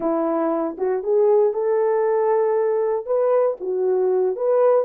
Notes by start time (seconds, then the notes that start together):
0.00 E4
0.77 F#4
1.03 G#4
1.53 A4
3.06 B4
3.60 F#4
4.36 B4